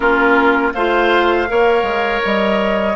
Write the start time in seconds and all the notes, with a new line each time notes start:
0.00 A#3 C#4 F4 A#4
0.73 A3 F4 C5 F5
1.47 A#3 A#4 C#5
1.82 G#3
2.25 G3 D#5